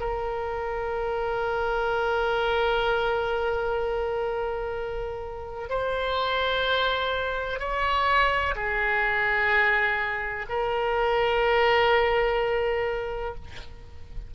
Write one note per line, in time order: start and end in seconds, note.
0.00 5.70 A#4
5.70 7.60 C5
7.60 8.55 C#5
8.56 10.46 G#4
10.49 13.35 A#4